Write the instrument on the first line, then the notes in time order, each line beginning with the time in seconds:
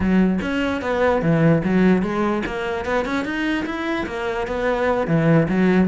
cello
0.00 F#3
0.41 C#4
0.81 B3
1.22 E3
1.63 F#3
2.02 G#3
2.46 A#3
2.85 B3
3.05 C#4
3.24 D#4
3.65 E4
4.06 A#3
4.47 B3
5.07 E3
5.48 F#3